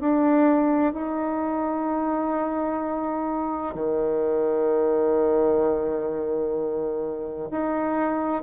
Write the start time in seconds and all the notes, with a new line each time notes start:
0.00 D4
0.93 D#4
3.74 D#3
7.50 D#4